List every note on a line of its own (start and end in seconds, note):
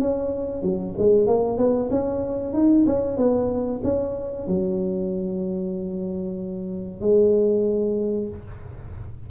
0.00 0.63 C#4
0.63 0.95 F#3
0.98 1.27 G#3
1.27 1.58 A#3
1.58 1.90 B3
1.91 2.54 C#4
2.54 2.85 D#4
2.87 3.18 C#4
3.18 3.82 B3
3.84 4.48 C#4
4.48 7.02 F#3
7.02 8.29 G#3